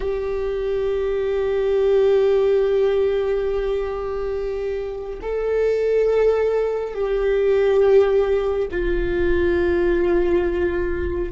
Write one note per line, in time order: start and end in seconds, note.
0.00 5.19 G4
5.21 6.94 A4
6.94 8.68 G4
8.71 11.31 F4